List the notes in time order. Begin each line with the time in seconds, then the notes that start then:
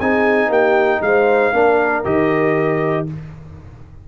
0.00 C4 D#4 G#4 G#5
0.48 A#3 G4 G5
1.01 G#3 C5 F5
1.53 A#3 D4 A#4
2.04 D#3 G4 D#5